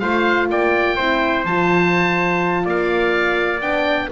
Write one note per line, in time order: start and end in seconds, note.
0.00 0.50 A3
0.00 0.98 F4
0.00 0.50 C5
0.00 0.48 F5
0.50 0.98 A#3
0.50 0.96 D5
0.50 1.46 G5
0.96 1.45 C4
0.96 1.47 E4
0.96 2.65 C5
1.45 2.66 F3
1.45 3.62 F4
1.45 2.67 A5
2.65 3.62 A#3
2.65 4.10 D5
2.65 3.62 F5
3.62 4.10 B3
3.62 4.11 D4
3.62 4.10 G5